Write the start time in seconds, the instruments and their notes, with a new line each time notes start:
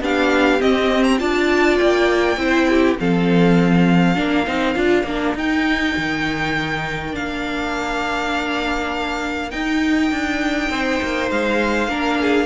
0.00 cello B3, viola D4, violin G4 F5
0.59 viola C4, cello C4, violin D#5
1.03 violin A#5
1.18 cello D4, viola F4, violin D5 A5
1.77 cello A#3, violin G5
2.36 cello C4, viola E4, violin C5
2.69 violin G4
2.99 cello F3, viola C4, violin A4 F5
4.14 cello A#3, viola D4, violin A#4
4.46 cello C4, viola D#4
4.74 cello D4, viola F4
5.03 cello A#3, viola D4
5.34 cello D#4, viola D#4, violin G5
5.96 cello D#3
7.12 cello A#3, viola D4, violin F5
9.50 viola D#4, cello D#4, violin G5
10.10 cello D4
10.69 cello C4, violin C5
11.02 cello A#3
11.30 cello G#3, violin F5
11.87 cello A#3, viola D4, violin A#4
12.20 violin G#4